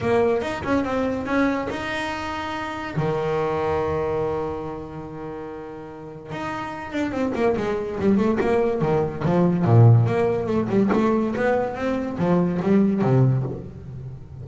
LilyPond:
\new Staff \with { instrumentName = "double bass" } { \time 4/4 \tempo 4 = 143 ais4 dis'8 cis'8 c'4 cis'4 | dis'2. dis4~ | dis1~ | dis2. dis'4~ |
dis'8 d'8 c'8 ais8 gis4 g8 a8 | ais4 dis4 f4 ais,4 | ais4 a8 g8 a4 b4 | c'4 f4 g4 c4 | }